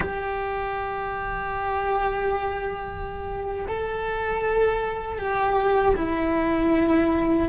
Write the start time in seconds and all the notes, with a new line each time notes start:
0.00 G4
3.67 A4
5.18 G4
5.96 E4